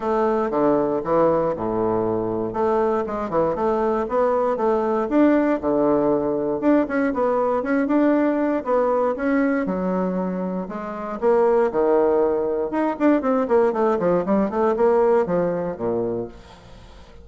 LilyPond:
\new Staff \with { instrumentName = "bassoon" } { \time 4/4 \tempo 4 = 118 a4 d4 e4 a,4~ | a,4 a4 gis8 e8 a4 | b4 a4 d'4 d4~ | d4 d'8 cis'8 b4 cis'8 d'8~ |
d'4 b4 cis'4 fis4~ | fis4 gis4 ais4 dis4~ | dis4 dis'8 d'8 c'8 ais8 a8 f8 | g8 a8 ais4 f4 ais,4 | }